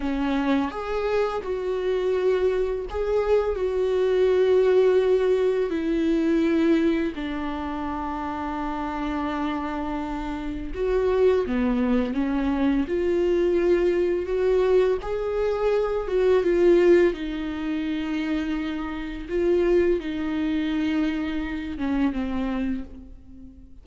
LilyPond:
\new Staff \with { instrumentName = "viola" } { \time 4/4 \tempo 4 = 84 cis'4 gis'4 fis'2 | gis'4 fis'2. | e'2 d'2~ | d'2. fis'4 |
b4 cis'4 f'2 | fis'4 gis'4. fis'8 f'4 | dis'2. f'4 | dis'2~ dis'8 cis'8 c'4 | }